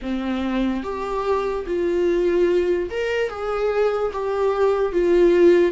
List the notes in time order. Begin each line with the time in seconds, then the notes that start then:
0.01 C4
0.83 G4
1.66 F4
2.90 A#4
3.29 G#4
4.12 G4
4.92 F4